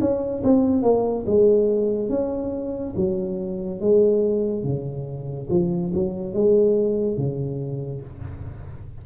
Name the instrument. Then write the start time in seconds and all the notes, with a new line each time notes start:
tuba
0.00 C#4
0.43 C4
0.82 A#3
1.26 G#3
2.09 C#4
2.96 F#3
3.80 G#3
4.64 C#3
5.50 F3
5.94 F#3
6.33 G#3
7.17 C#3